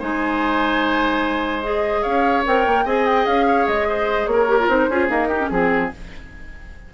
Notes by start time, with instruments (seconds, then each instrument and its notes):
0.00 bassoon G#3, clarinet D#4, oboe C5, flute G#5
1.64 clarinet G#4, flute D#5
2.02 bassoon C#4, oboe C#5, flute F5
2.46 bassoon C4, clarinet A#4, flute G5
2.67 bassoon A#3
2.85 bassoon C4, clarinet G#4, oboe D#5, flute G#5
3.07 flute G5
3.27 bassoon C#4, flute F5
3.47 oboe C#5
3.67 bassoon G#3, flute D#5
3.90 oboe C5
4.27 bassoon A#3, flute C#5
4.33 oboe A#4
4.49 clarinet G4
4.60 clarinet F4
4.68 bassoon C4, clarinet D#4, flute C5
4.89 bassoon C#4, clarinet F4, oboe G#4
5.09 clarinet A#3, bassoon D#4, flute A#4
5.29 clarinet D#4, oboe G4
5.41 clarinet C#4
5.49 bassoon F3, clarinet C4, flute G#4, oboe G#4